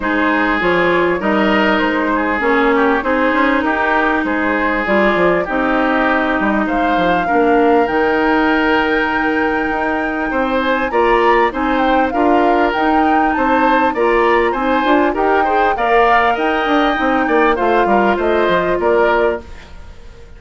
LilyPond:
<<
  \new Staff \with { instrumentName = "flute" } { \time 4/4 \tempo 4 = 99 c''4 cis''4 dis''4 c''4 | cis''4 c''4 ais'4 c''4 | d''4 dis''2 f''4~ | f''4 g''2.~ |
g''4. gis''8 ais''4 gis''8 g''8 | f''4 g''4 a''4 ais''4 | gis''4 g''4 f''4 g''4~ | g''4 f''4 dis''4 d''4 | }
  \new Staff \with { instrumentName = "oboe" } { \time 4/4 gis'2 ais'4. gis'8~ | gis'8 g'8 gis'4 g'4 gis'4~ | gis'4 g'2 c''4 | ais'1~ |
ais'4 c''4 d''4 c''4 | ais'2 c''4 d''4 | c''4 ais'8 c''8 d''4 dis''4~ | dis''8 d''8 c''8 ais'8 c''4 ais'4 | }
  \new Staff \with { instrumentName = "clarinet" } { \time 4/4 dis'4 f'4 dis'2 | cis'4 dis'2. | f'4 dis'2. | d'4 dis'2.~ |
dis'2 f'4 dis'4 | f'4 dis'2 f'4 | dis'8 f'8 g'8 gis'8 ais'2 | dis'4 f'2. | }
  \new Staff \with { instrumentName = "bassoon" } { \time 4/4 gis4 f4 g4 gis4 | ais4 c'8 cis'8 dis'4 gis4 | g8 f8 c'4. g8 gis8 f8 | ais4 dis2. |
dis'4 c'4 ais4 c'4 | d'4 dis'4 c'4 ais4 | c'8 d'8 dis'4 ais4 dis'8 d'8 | c'8 ais8 a8 g8 a8 f8 ais4 | }
>>